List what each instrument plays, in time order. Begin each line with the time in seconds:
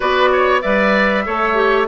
0.00 bassoon B3, clarinet F#4, oboe B4, flute D5
0.32 oboe C#5
0.61 bassoon G3, clarinet B4, oboe D5, flute E5
1.25 bassoon A3, clarinet A4, oboe C#5
1.54 clarinet G4